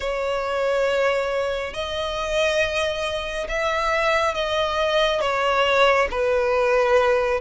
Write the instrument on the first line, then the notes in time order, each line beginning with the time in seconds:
violin
0.00 C#5
1.73 D#5
3.48 E5
4.34 D#5
5.21 C#5
6.10 B4